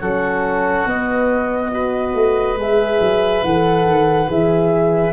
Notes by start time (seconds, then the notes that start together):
0.00 F#3 C#4 F#4 A4
0.86 B3 D#5
1.72 F#4 B4
2.15 A3
2.57 G#3 G#4 E5
3.00 F#3
3.44 E3 A4 F#5
3.86 D#3
4.29 E3 G#4 E5